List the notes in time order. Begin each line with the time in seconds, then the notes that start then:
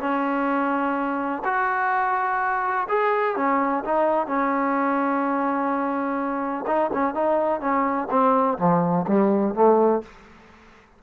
0.00 C#4
1.45 F#4
2.89 G#4
3.36 C#4
3.85 D#4
4.27 C#4
6.67 D#4
6.94 C#4
7.15 D#4
7.61 C#4
8.11 C4
8.58 F3
9.08 G3
9.55 A3